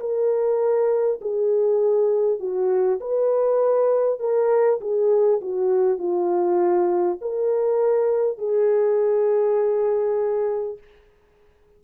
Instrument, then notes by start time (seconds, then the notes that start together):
horn
0.00 A#4
1.21 G#4
2.39 F#4
3.01 B4
4.20 A#4
4.81 G#4
5.42 F#4
5.98 F4
7.22 A#4
8.38 G#4